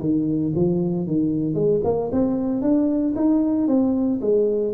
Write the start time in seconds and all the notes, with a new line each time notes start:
0.00 D#3
0.55 F3
1.07 D#3
1.54 G#3
1.84 A#3
2.12 C4
2.62 D4
3.16 D#4
3.68 C4
4.21 G#3